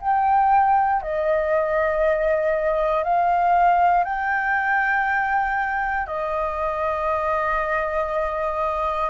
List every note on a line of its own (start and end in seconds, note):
0.00 1.02 G5
1.02 3.03 D#5
3.03 4.04 F5
4.04 6.06 G5
6.06 9.10 D#5